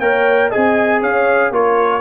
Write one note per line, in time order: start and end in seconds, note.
0.00 0.51 A#3
0.00 0.52 A#4
0.00 0.50 C#5
0.00 0.51 G5
0.50 1.53 G#4
0.50 1.00 D#5
0.50 1.03 G#5
0.56 1.02 C4
1.01 1.51 C#4
1.01 1.52 C#5
1.01 1.54 F5
1.51 2.01 A#3
1.51 2.01 F4
1.51 2.01 A#4
1.51 2.01 C#5